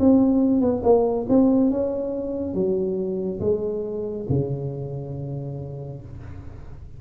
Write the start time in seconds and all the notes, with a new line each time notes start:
0.00 C4
0.61 B3
0.84 A#3
1.29 C4
1.71 C#4
2.54 F#3
3.41 G#3
4.30 C#3